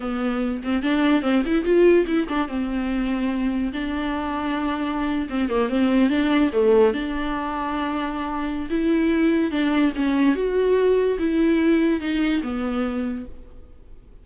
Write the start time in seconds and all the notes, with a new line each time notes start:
0.00 B3
0.63 C4
0.82 D4
1.22 C4
1.45 E4
1.64 F4
2.07 E4
2.28 D4
2.48 C4
3.73 D4
5.29 C4
5.49 A#3
5.69 C4
6.09 D4
6.52 A3
6.93 D4
8.70 E4
9.51 D4
9.95 C#4
10.35 F#4
11.18 E4
12.00 D#4
12.42 B3